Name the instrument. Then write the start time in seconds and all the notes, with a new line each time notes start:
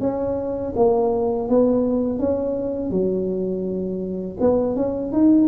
tuba
0.00 C#4
0.75 A#3
1.48 B3
2.19 C#4
2.90 F#3
4.40 B3
4.76 C#4
5.12 D#4